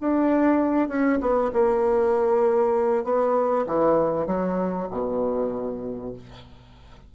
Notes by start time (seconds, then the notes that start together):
0.00 D4
0.88 C#4
1.20 B3
1.52 A#3
3.04 B3
3.66 E3
4.26 F#3
4.90 B2